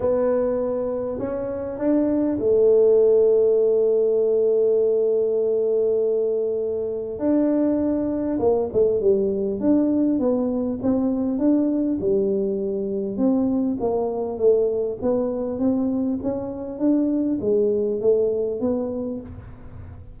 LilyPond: \new Staff \with { instrumentName = "tuba" } { \time 4/4 \tempo 4 = 100 b2 cis'4 d'4 | a1~ | a1 | d'2 ais8 a8 g4 |
d'4 b4 c'4 d'4 | g2 c'4 ais4 | a4 b4 c'4 cis'4 | d'4 gis4 a4 b4 | }